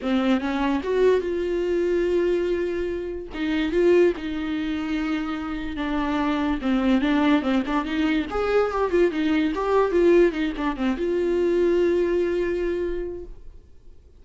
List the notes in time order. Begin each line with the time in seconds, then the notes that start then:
0.02 C4
0.40 C#4
0.83 F#4
1.20 F4
3.34 D#4
3.71 F4
4.17 D#4
5.76 D4
6.61 C4
7.01 D4
7.42 C4
7.66 D4
7.84 D#4
8.30 G#4
8.71 G4
8.91 F4
9.11 D#4
9.54 G4
9.91 F4
10.32 D#4
10.57 D4
10.76 C4
10.97 F4